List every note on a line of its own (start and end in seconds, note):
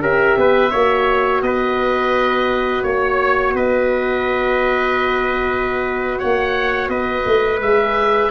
0.00 0.35 C#4
0.00 0.71 G4
0.00 0.37 A#4
0.00 1.42 E5
0.37 0.72 B3
0.37 0.71 B4
0.71 1.41 A#3
0.71 7.61 F#4
0.71 1.41 C#5
1.41 2.83 B3
1.41 2.87 B4
1.41 2.82 D#5
2.82 3.54 A#3
2.82 3.53 C#5
2.82 3.55 C#5
3.54 6.19 B3
3.54 6.19 B4
3.54 6.19 D#5
6.19 6.88 A#3
6.19 6.90 C#5
6.19 6.89 F#5
6.88 7.24 B3
6.88 8.31 B4
6.88 7.60 D#5
7.26 7.59 A3
7.59 8.30 G#3
7.59 8.31 G#4
7.59 8.31 E5